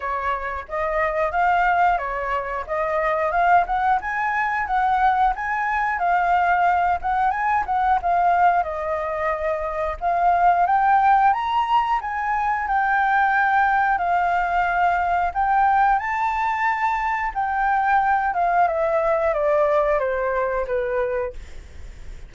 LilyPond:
\new Staff \with { instrumentName = "flute" } { \time 4/4 \tempo 4 = 90 cis''4 dis''4 f''4 cis''4 | dis''4 f''8 fis''8 gis''4 fis''4 | gis''4 f''4. fis''8 gis''8 fis''8 | f''4 dis''2 f''4 |
g''4 ais''4 gis''4 g''4~ | g''4 f''2 g''4 | a''2 g''4. f''8 | e''4 d''4 c''4 b'4 | }